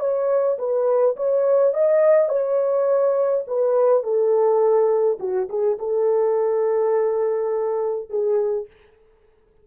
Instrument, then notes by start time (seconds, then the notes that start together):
horn
0.00 C#5
0.58 B4
1.16 C#5
1.74 D#5
2.29 C#5
3.47 B4
4.03 A4
5.19 F#4
5.49 G#4
5.79 A4
8.10 G#4